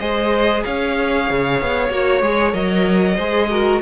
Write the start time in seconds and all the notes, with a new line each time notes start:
0.00 G#3 G#4 C5 D#5
0.64 C#4 C#5 F5
1.31 C#3
1.61 B3
1.90 A#3 F#4 C#5
2.22 G#3 G#4
2.52 F#3 A#4 D#5
3.15 G#3 G#4 C5
3.51 F#4 A#4